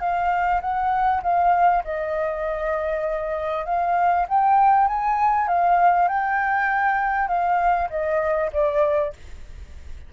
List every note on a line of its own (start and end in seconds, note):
0.00 0.61 F5
0.61 1.21 F#5
1.23 1.83 F5
1.84 3.66 D#5
3.66 4.26 F5
4.28 4.88 G5
4.88 5.48 G#5
5.48 6.08 F5
6.08 7.28 G5
7.28 7.88 F5
7.90 8.50 D#5
8.52 9.13 D5